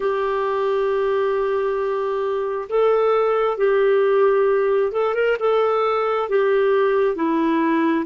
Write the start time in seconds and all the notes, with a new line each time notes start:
0.00 G4
2.69 A4
3.57 G4
4.92 A4
5.14 A#4
5.39 A4
6.29 G4
7.15 E4